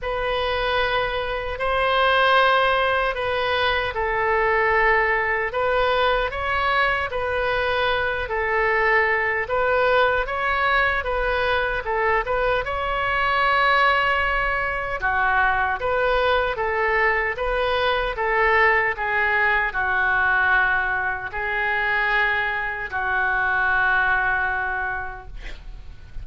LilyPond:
\new Staff \with { instrumentName = "oboe" } { \time 4/4 \tempo 4 = 76 b'2 c''2 | b'4 a'2 b'4 | cis''4 b'4. a'4. | b'4 cis''4 b'4 a'8 b'8 |
cis''2. fis'4 | b'4 a'4 b'4 a'4 | gis'4 fis'2 gis'4~ | gis'4 fis'2. | }